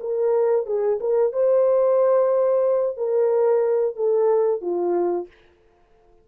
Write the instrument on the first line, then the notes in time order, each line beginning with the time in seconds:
horn
0.00 A#4
0.66 G#4
1.00 A#4
1.33 C5
2.97 A#4
3.96 A4
4.61 F4